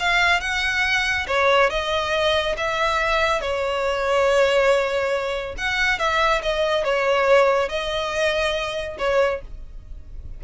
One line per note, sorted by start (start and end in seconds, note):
0.00 0.41 F5
0.41 1.26 F#5
1.27 1.70 C#5
1.70 2.56 D#5
2.57 3.41 E5
3.41 5.56 C#5
5.58 5.99 F#5
5.99 6.42 E5
6.42 6.84 D#5
6.84 7.69 C#5
7.69 8.97 D#5
8.99 9.42 C#5